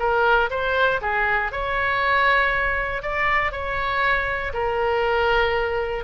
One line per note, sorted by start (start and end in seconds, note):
0.00 0.50 A#4
0.51 1.01 C5
1.02 1.52 G#4
1.52 3.03 C#5
3.03 3.52 D5
3.52 4.53 C#5
4.54 6.04 A#4